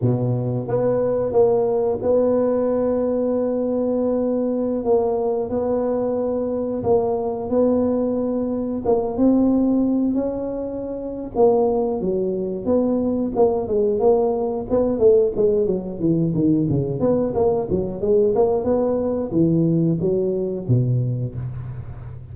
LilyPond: \new Staff \with { instrumentName = "tuba" } { \time 4/4 \tempo 4 = 90 b,4 b4 ais4 b4~ | b2.~ b16 ais8.~ | ais16 b2 ais4 b8.~ | b4~ b16 ais8 c'4. cis'8.~ |
cis'4 ais4 fis4 b4 | ais8 gis8 ais4 b8 a8 gis8 fis8 | e8 dis8 cis8 b8 ais8 fis8 gis8 ais8 | b4 e4 fis4 b,4 | }